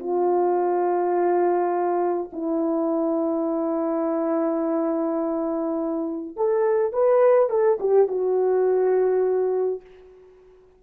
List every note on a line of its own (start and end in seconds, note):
0.00 2.31 F4
2.33 6.37 E4
6.37 6.93 A4
6.93 7.50 B4
7.50 7.79 A4
7.80 8.08 G4
8.08 9.81 F#4